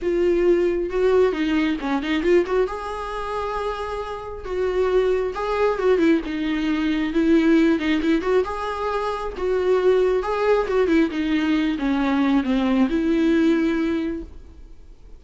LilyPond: \new Staff \with { instrumentName = "viola" } { \time 4/4 \tempo 4 = 135 f'2 fis'4 dis'4 | cis'8 dis'8 f'8 fis'8 gis'2~ | gis'2 fis'2 | gis'4 fis'8 e'8 dis'2 |
e'4. dis'8 e'8 fis'8 gis'4~ | gis'4 fis'2 gis'4 | fis'8 e'8 dis'4. cis'4. | c'4 e'2. | }